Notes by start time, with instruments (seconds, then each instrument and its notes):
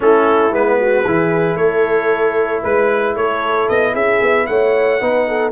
0.00 tuba A3, trombone C#4, horn E4, trumpet A4
0.51 tuba G#3, trombone B3, trumpet B4
0.79 horn F#4
1.04 tuba E3, trombone E4, horn G#4
1.55 tuba A3, horn A4, trumpet C#5
2.62 tuba G#3, horn B4, trumpet B4
3.16 tuba A3, horn A4, trumpet C#5
3.68 tuba B3, trumpet D#5
3.92 tuba C#4, horn G#4, trumpet E5
4.21 tuba B3
4.46 tuba A3, horn C#5, trumpet F#5
5.00 tuba B3, trombone D#4, horn B4
5.27 horn A4